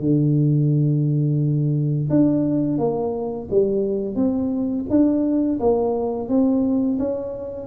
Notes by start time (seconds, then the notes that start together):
0.00 D3
2.10 D4
2.78 A#3
3.51 G3
4.15 C4
4.90 D4
5.60 A#3
6.29 C4
6.99 C#4